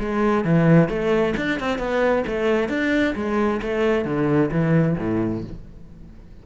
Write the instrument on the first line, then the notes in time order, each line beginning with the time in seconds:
cello
0.00 G#3
0.45 E3
0.89 A3
1.37 D4
1.60 C4
1.79 B3
2.27 A3
2.69 D4
3.16 G#3
3.62 A3
4.05 D3
4.51 E3
4.98 A2